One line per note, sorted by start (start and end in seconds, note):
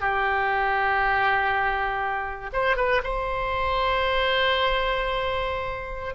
0.00 2.50 G4
2.52 2.76 C5
2.76 3.01 B4
3.03 6.14 C5